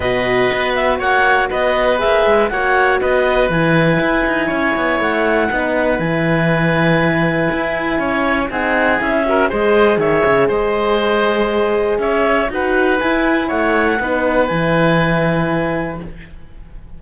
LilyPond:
<<
  \new Staff \with { instrumentName = "clarinet" } { \time 4/4 \tempo 4 = 120 dis''4. e''8 fis''4 dis''4 | e''4 fis''4 dis''4 gis''4~ | gis''2 fis''2 | gis''1~ |
gis''4 fis''4 e''4 dis''4 | e''4 dis''2. | e''4 fis''4 gis''4 fis''4~ | fis''4 gis''2. | }
  \new Staff \with { instrumentName = "oboe" } { \time 4/4 b'2 cis''4 b'4~ | b'4 cis''4 b'2~ | b'4 cis''2 b'4~ | b'1 |
cis''4 gis'4. ais'8 c''4 | cis''4 c''2. | cis''4 b'2 cis''4 | b'1 | }
  \new Staff \with { instrumentName = "horn" } { \time 4/4 fis'1 | gis'4 fis'2 e'4~ | e'2. dis'4 | e'1~ |
e'4 dis'4 e'8 fis'8 gis'4~ | gis'1~ | gis'4 fis'4 e'2 | dis'4 e'2. | }
  \new Staff \with { instrumentName = "cello" } { \time 4/4 b,4 b4 ais4 b4 | ais8 gis8 ais4 b4 e4 | e'8 dis'8 cis'8 b8 a4 b4 | e2. e'4 |
cis'4 c'4 cis'4 gis4 | dis8 cis8 gis2. | cis'4 dis'4 e'4 a4 | b4 e2. | }
>>